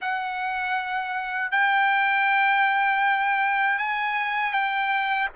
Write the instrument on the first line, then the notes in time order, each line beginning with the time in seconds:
trumpet
0.01 F#5
1.51 G5
3.78 G#5
4.53 G5